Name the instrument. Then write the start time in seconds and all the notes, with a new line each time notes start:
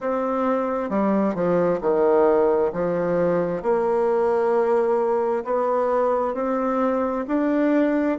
bassoon
0.00 C4
0.89 G3
1.34 F3
1.81 D#3
2.73 F3
3.62 A#3
5.44 B3
6.34 C4
7.27 D4